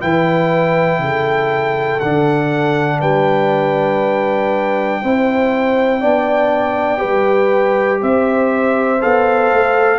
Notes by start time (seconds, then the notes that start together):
0.00 E3 E4 B4 G5
0.99 C#3 A4
2.00 D3 D4 F#5
3.00 G3 B4 G5
5.01 C4 E4 C5
6.00 B3 D4 D5
6.97 G4 B4
7.04 G3
8.01 C4 C5 E5
9.01 B3 A4 F5
9.51 A3